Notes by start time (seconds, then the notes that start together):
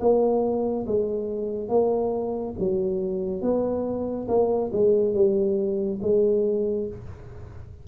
0.00 A#3
0.86 G#3
1.69 A#3
2.59 F#3
3.42 B3
4.28 A#3
4.73 G#3
5.14 G3
6.02 G#3